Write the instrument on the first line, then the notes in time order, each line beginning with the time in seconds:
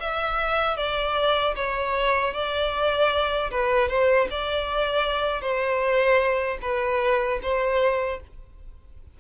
violin
0.00 E5
0.77 D5
1.56 C#5
2.34 D5
3.51 B4
3.89 C5
4.31 D5
5.42 C5
6.62 B4
7.42 C5